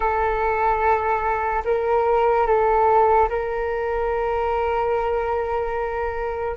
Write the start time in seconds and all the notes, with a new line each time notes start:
0.00 A4
1.64 A#4
2.46 A4
3.29 A#4